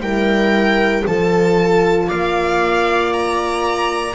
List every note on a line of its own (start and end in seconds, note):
0.00 1.03 G3
0.00 1.06 E4
0.00 1.06 A#4
0.00 1.05 G5
1.06 2.10 F3
1.06 4.14 F4
1.06 2.07 A4
1.06 2.09 A5
2.07 4.14 A#3
2.07 4.14 D5
2.07 3.12 F5
3.12 4.14 A#5